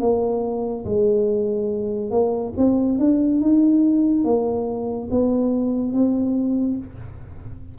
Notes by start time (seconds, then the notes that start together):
0.00 A#3
0.85 G#3
2.10 A#3
2.57 C4
2.98 D4
3.41 D#4
4.24 A#3
5.11 B3
5.93 C4